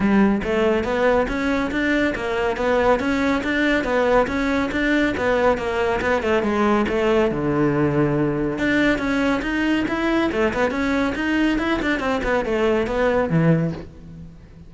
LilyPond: \new Staff \with { instrumentName = "cello" } { \time 4/4 \tempo 4 = 140 g4 a4 b4 cis'4 | d'4 ais4 b4 cis'4 | d'4 b4 cis'4 d'4 | b4 ais4 b8 a8 gis4 |
a4 d2. | d'4 cis'4 dis'4 e'4 | a8 b8 cis'4 dis'4 e'8 d'8 | c'8 b8 a4 b4 e4 | }